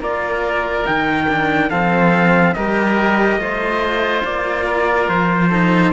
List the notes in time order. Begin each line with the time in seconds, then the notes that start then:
0.00 A#3 F4 A#4 D5
0.85 D#3 D#4 G5
1.28 D4
1.69 F3 C4 A4 F5
2.54 G3 G4 A#4 D#5
3.37 A3 F4 C5
4.24 A#3 D5
4.66 A#4
5.08 F3 C5
5.49 D#4 A4